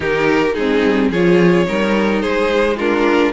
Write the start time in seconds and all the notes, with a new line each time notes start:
0.00 D#3 D#4 G4 A#4
0.53 G#3 C4 D#4 G#4
0.84 G3
1.10 F3 F4 G#4 C#5
1.65 G3 D#4 A#4
2.21 G#3 G#4 C5
2.76 D4 F4 A#4